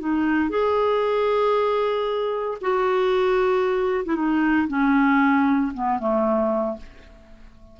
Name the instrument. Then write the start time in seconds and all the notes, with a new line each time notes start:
clarinet
0.00 D#4
0.50 G#4
2.61 F#4
4.06 E4
4.16 D#4
4.68 C#4
5.74 B3
5.99 A3